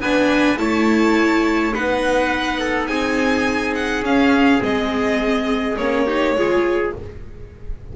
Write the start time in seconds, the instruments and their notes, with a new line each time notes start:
0.00 double bass B3, viola D4, trumpet B4, violin G#5
0.58 double bass A3, viola E4, trumpet C#5, violin A5
1.74 double bass B3, viola D#4, trumpet B4, violin F#5
2.60 trumpet A4
2.87 double bass C4, trumpet G#4, violin G#5
3.75 violin F#5
4.03 double bass C#4, viola C#4, violin F5
4.60 double bass G#3, viola C4, violin D#5
5.77 double bass A#3, viola C#4, violin C#5
6.06 viola D#4, trumpet G4
6.35 double bass G#3, viola F4, trumpet G#4